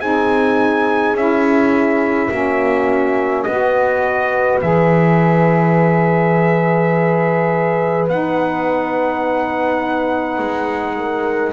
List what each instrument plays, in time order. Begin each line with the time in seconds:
0.00 double bass C4, saxophone D#4, horn G#4, trumpet G#5
1.14 double bass C#4, saxophone E4, trumpet E5
2.31 double bass A#3, saxophone C#4, horn F#4
3.44 double bass B3, saxophone F#4, horn B4, trumpet D#5
4.62 double bass E3, saxophone G#4, trumpet E5
8.08 double bass B3, saxophone D#4, trumpet F#5
10.39 double bass G#3
10.97 horn A#4